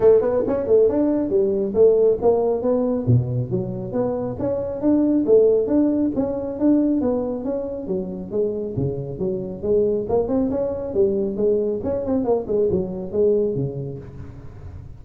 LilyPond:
\new Staff \with { instrumentName = "tuba" } { \time 4/4 \tempo 4 = 137 a8 b8 cis'8 a8 d'4 g4 | a4 ais4 b4 b,4 | fis4 b4 cis'4 d'4 | a4 d'4 cis'4 d'4 |
b4 cis'4 fis4 gis4 | cis4 fis4 gis4 ais8 c'8 | cis'4 g4 gis4 cis'8 c'8 | ais8 gis8 fis4 gis4 cis4 | }